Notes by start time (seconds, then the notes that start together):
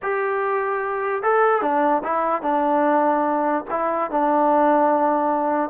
0.02 G4
1.22 A4
1.61 D4
2.03 E4
2.42 D4
3.70 E4
4.10 D4